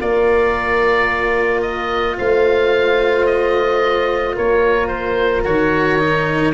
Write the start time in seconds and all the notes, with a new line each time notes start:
0.00 A#3 F4 A#4 D5
1.62 D#5
2.18 A3 C5 F5
3.26 D#5
4.36 A#3 A#4 C#5
4.87 C5
5.45 D#3 F#4 C#5
5.99 D#4